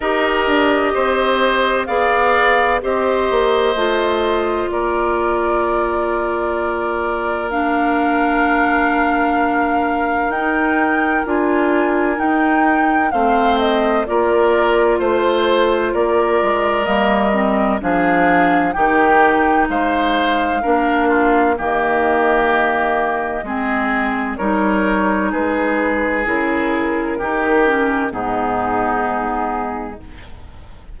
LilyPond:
<<
  \new Staff \with { instrumentName = "flute" } { \time 4/4 \tempo 4 = 64 dis''2 f''4 dis''4~ | dis''4 d''2. | f''2. g''4 | gis''4 g''4 f''8 dis''8 d''4 |
c''4 d''4 dis''4 f''4 | g''4 f''2 dis''4~ | dis''2 cis''4 b'4 | ais'2 gis'2 | }
  \new Staff \with { instrumentName = "oboe" } { \time 4/4 ais'4 c''4 d''4 c''4~ | c''4 ais'2.~ | ais'1~ | ais'2 c''4 ais'4 |
c''4 ais'2 gis'4 | g'4 c''4 ais'8 f'8 g'4~ | g'4 gis'4 ais'4 gis'4~ | gis'4 g'4 dis'2 | }
  \new Staff \with { instrumentName = "clarinet" } { \time 4/4 g'2 gis'4 g'4 | f'1 | d'2. dis'4 | f'4 dis'4 c'4 f'4~ |
f'2 ais8 c'8 d'4 | dis'2 d'4 ais4~ | ais4 c'4 dis'2 | e'4 dis'8 cis'8 b2 | }
  \new Staff \with { instrumentName = "bassoon" } { \time 4/4 dis'8 d'8 c'4 b4 c'8 ais8 | a4 ais2.~ | ais2. dis'4 | d'4 dis'4 a4 ais4 |
a4 ais8 gis8 g4 f4 | dis4 gis4 ais4 dis4~ | dis4 gis4 g4 gis4 | cis4 dis4 gis,2 | }
>>